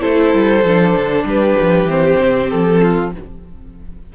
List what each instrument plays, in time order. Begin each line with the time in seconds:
0.00 cello A3, viola E4, violin A4 C5
0.34 cello G3
0.65 cello F3, viola D4
0.97 cello D3
1.25 cello G3, violin G4 B4
1.61 cello F3
1.85 cello E3, viola C4, violin C5
2.20 cello C3
2.50 cello F3, violin A4
2.82 violin F4